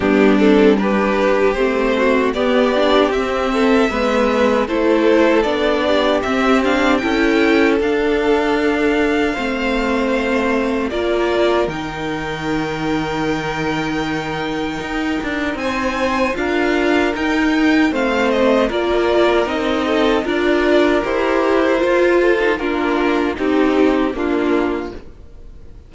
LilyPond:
<<
  \new Staff \with { instrumentName = "violin" } { \time 4/4 \tempo 4 = 77 g'8 a'8 b'4 c''4 d''4 | e''2 c''4 d''4 | e''8 f''8 g''4 f''2~ | f''2 d''4 g''4~ |
g''1 | gis''4 f''4 g''4 f''8 dis''8 | d''4 dis''4 d''4 c''4~ | c''4 ais'4 g'4 f'4 | }
  \new Staff \with { instrumentName = "violin" } { \time 4/4 d'4 g'4. fis'8 g'4~ | g'8 a'8 b'4 a'4. g'8~ | g'4 a'2. | c''2 ais'2~ |
ais'1 | c''4 ais'2 c''4 | ais'4. a'8 ais'2~ | ais'8 a'8 f'4 dis'4 d'4 | }
  \new Staff \with { instrumentName = "viola" } { \time 4/4 b8 c'8 d'4 c'4 b8 d'8 | c'4 b4 e'4 d'4 | c'8 d'8 e'4 d'2 | c'2 f'4 dis'4~ |
dis'1~ | dis'4 f'4 dis'4 c'4 | f'4 dis'4 f'4 g'4 | f'8. dis'16 d'4 dis'4 ais4 | }
  \new Staff \with { instrumentName = "cello" } { \time 4/4 g2 a4 b4 | c'4 gis4 a4 b4 | c'4 cis'4 d'2 | a2 ais4 dis4~ |
dis2. dis'8 d'8 | c'4 d'4 dis'4 a4 | ais4 c'4 d'4 e'4 | f'4 ais4 c'4 ais4 | }
>>